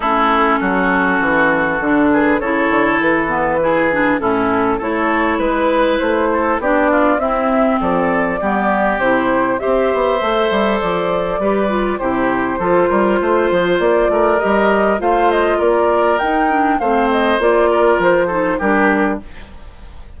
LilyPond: <<
  \new Staff \with { instrumentName = "flute" } { \time 4/4 \tempo 4 = 100 a'2.~ a'8 b'8 | cis''4 b'2 a'4 | cis''4 b'4 c''4 d''4 | e''4 d''2 c''4 |
e''2 d''2 | c''2. d''4 | dis''4 f''8 dis''8 d''4 g''4 | f''8 dis''8 d''4 c''4 ais'4 | }
  \new Staff \with { instrumentName = "oboe" } { \time 4/4 e'4 fis'2~ fis'8 gis'8 | a'2 gis'4 e'4 | a'4 b'4. a'8 g'8 f'8 | e'4 a'4 g'2 |
c''2. b'4 | g'4 a'8 ais'8 c''4. ais'8~ | ais'4 c''4 ais'2 | c''4. ais'4 a'8 g'4 | }
  \new Staff \with { instrumentName = "clarinet" } { \time 4/4 cis'2. d'4 | e'4. b8 e'8 d'8 cis'4 | e'2. d'4 | c'2 b4 e'4 |
g'4 a'2 g'8 f'8 | e'4 f'2. | g'4 f'2 dis'8 d'8 | c'4 f'4. dis'8 d'4 | }
  \new Staff \with { instrumentName = "bassoon" } { \time 4/4 a4 fis4 e4 d4 | cis8 d8 e2 a,4 | a4 gis4 a4 b4 | c'4 f4 g4 c4 |
c'8 b8 a8 g8 f4 g4 | c4 f8 g8 a8 f8 ais8 a8 | g4 a4 ais4 dis'4 | a4 ais4 f4 g4 | }
>>